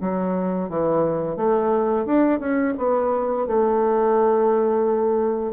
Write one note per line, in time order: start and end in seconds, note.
0.00 0.69 F#3
0.69 1.36 E3
1.36 2.05 A3
2.05 2.39 D4
2.39 2.74 C#4
2.77 3.46 B3
3.47 5.52 A3